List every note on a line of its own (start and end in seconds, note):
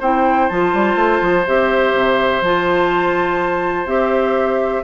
0.00 0.50 C4
0.00 0.52 E4
0.00 4.84 C5
0.00 0.49 G5
0.49 0.74 F3
0.49 1.47 F4
0.49 1.46 A5
0.74 0.96 G3
0.96 1.20 A3
1.22 1.46 F3
1.47 1.94 C4
1.47 2.43 G4
1.47 2.44 E5
1.94 2.41 C3
2.41 3.86 F3
2.41 3.87 F4
2.41 3.87 A5
3.86 4.83 C4
3.86 4.84 G4
3.86 4.84 E5